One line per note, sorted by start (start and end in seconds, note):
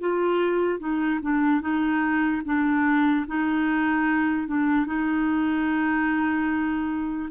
0.00 0.79 F4
0.79 1.19 D#4
1.22 1.61 D4
1.61 2.42 D#4
2.45 3.26 D4
3.27 4.47 D#4
4.47 4.86 D4
4.86 7.29 D#4